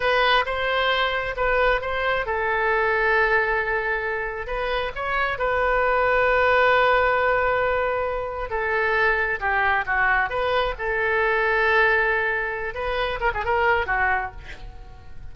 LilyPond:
\new Staff \with { instrumentName = "oboe" } { \time 4/4 \tempo 4 = 134 b'4 c''2 b'4 | c''4 a'2.~ | a'2 b'4 cis''4 | b'1~ |
b'2. a'4~ | a'4 g'4 fis'4 b'4 | a'1~ | a'8 b'4 ais'16 gis'16 ais'4 fis'4 | }